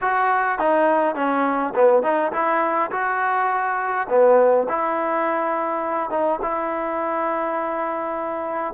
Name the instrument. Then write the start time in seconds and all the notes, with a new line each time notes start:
trombone
0.01 F#4
0.58 D#4
1.15 C#4
1.75 B3
2.03 D#4
2.32 E4
2.91 F#4
4.09 B3
4.68 E4
6.10 D#4
6.42 E4